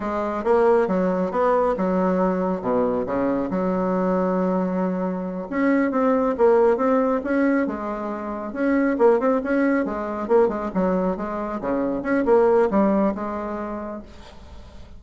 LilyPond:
\new Staff \with { instrumentName = "bassoon" } { \time 4/4 \tempo 4 = 137 gis4 ais4 fis4 b4 | fis2 b,4 cis4 | fis1~ | fis8 cis'4 c'4 ais4 c'8~ |
c'8 cis'4 gis2 cis'8~ | cis'8 ais8 c'8 cis'4 gis4 ais8 | gis8 fis4 gis4 cis4 cis'8 | ais4 g4 gis2 | }